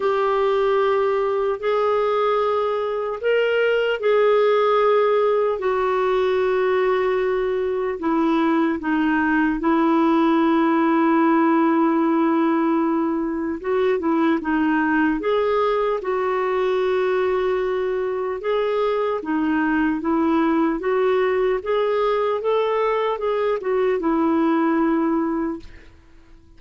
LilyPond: \new Staff \with { instrumentName = "clarinet" } { \time 4/4 \tempo 4 = 75 g'2 gis'2 | ais'4 gis'2 fis'4~ | fis'2 e'4 dis'4 | e'1~ |
e'4 fis'8 e'8 dis'4 gis'4 | fis'2. gis'4 | dis'4 e'4 fis'4 gis'4 | a'4 gis'8 fis'8 e'2 | }